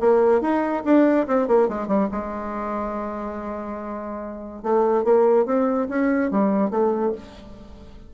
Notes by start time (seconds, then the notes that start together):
0.00 A#3
0.42 D#4
0.85 D4
1.27 C4
1.48 A#3
1.68 G#3
1.88 G3
2.12 G#3
4.63 A3
5.04 A#3
5.46 C4
5.89 C#4
6.31 G3
6.71 A3